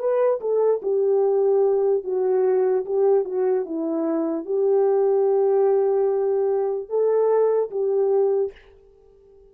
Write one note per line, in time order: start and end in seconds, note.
0.00 0.41 B4
0.41 0.81 A4
0.83 2.04 G4
2.04 2.85 F#4
2.86 3.25 G4
3.25 3.66 F#4
3.66 4.46 E4
4.46 6.89 G4
6.90 7.71 A4
7.71 8.52 G4